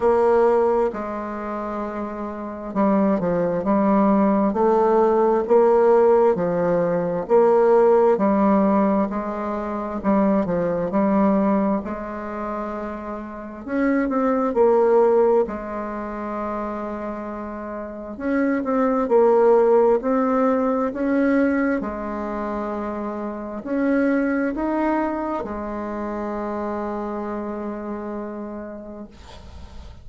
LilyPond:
\new Staff \with { instrumentName = "bassoon" } { \time 4/4 \tempo 4 = 66 ais4 gis2 g8 f8 | g4 a4 ais4 f4 | ais4 g4 gis4 g8 f8 | g4 gis2 cis'8 c'8 |
ais4 gis2. | cis'8 c'8 ais4 c'4 cis'4 | gis2 cis'4 dis'4 | gis1 | }